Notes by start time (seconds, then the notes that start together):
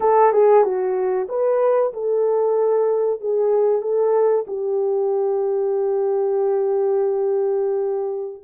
0.00 A4
0.32 G#4
0.64 F#4
1.29 B4
1.93 A4
3.20 G#4
3.81 A4
4.47 G4